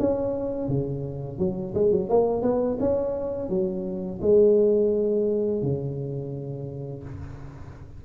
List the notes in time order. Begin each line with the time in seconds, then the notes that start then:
0.00 C#4
0.68 C#3
1.39 F#3
1.75 G#3
1.92 F#3
2.10 A#3
2.43 B3
2.80 C#4
3.50 F#3
4.22 G#3
5.63 C#3